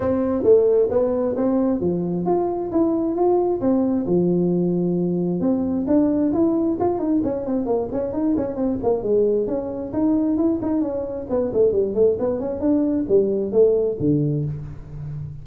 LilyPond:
\new Staff \with { instrumentName = "tuba" } { \time 4/4 \tempo 4 = 133 c'4 a4 b4 c'4 | f4 f'4 e'4 f'4 | c'4 f2. | c'4 d'4 e'4 f'8 dis'8 |
cis'8 c'8 ais8 cis'8 dis'8 cis'8 c'8 ais8 | gis4 cis'4 dis'4 e'8 dis'8 | cis'4 b8 a8 g8 a8 b8 cis'8 | d'4 g4 a4 d4 | }